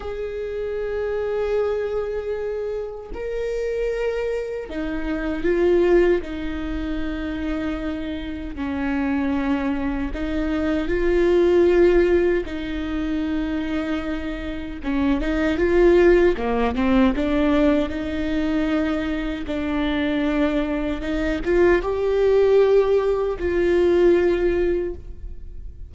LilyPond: \new Staff \with { instrumentName = "viola" } { \time 4/4 \tempo 4 = 77 gis'1 | ais'2 dis'4 f'4 | dis'2. cis'4~ | cis'4 dis'4 f'2 |
dis'2. cis'8 dis'8 | f'4 ais8 c'8 d'4 dis'4~ | dis'4 d'2 dis'8 f'8 | g'2 f'2 | }